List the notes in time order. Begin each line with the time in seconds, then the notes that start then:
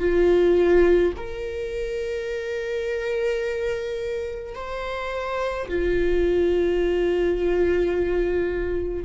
0.00 F4
1.17 A#4
4.55 C5
5.69 F4